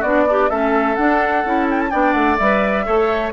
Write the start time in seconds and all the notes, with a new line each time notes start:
0.00 B3 D4 F#4 D5
0.28 D4 G4
0.50 A3 C#4 A4 E5
0.96 D4 F#5
1.45 C#4 E4
1.71 G5
1.81 A5
1.90 B3 D4 D5 G5
2.13 A3 F#5
2.38 G3 B4 E5
2.85 A3 A4 C#5